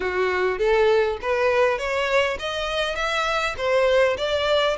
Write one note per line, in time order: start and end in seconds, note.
0.00 0.58 F#4
0.58 1.17 A4
1.21 1.78 B4
1.78 2.37 C#5
2.39 2.95 D#5
2.95 3.55 E5
3.57 4.16 C5
4.17 4.76 D5